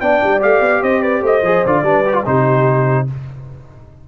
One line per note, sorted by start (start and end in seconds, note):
0.00 0.21 B3
0.00 0.40 D4
0.00 0.82 D5
0.00 0.41 G5
0.23 0.43 G3
0.40 0.61 A3
0.40 1.42 G4
0.40 0.83 F5
0.61 0.81 B3
0.82 1.22 C4
0.82 1.02 C5
0.82 1.02 D#5
1.02 1.21 B4
1.02 1.23 D5
1.21 1.42 A3
1.21 1.83 C5
1.21 1.66 D#5
1.42 1.62 F3
1.42 1.65 G#4
1.66 1.82 D3
1.66 1.84 F4
1.66 2.26 D5
1.82 2.23 G3
1.82 2.04 D4
1.82 2.26 B4
2.05 2.13 G4
2.13 2.23 F4
2.25 3.08 C3
2.25 3.07 D#4
2.25 3.08 G4
2.25 3.08 C5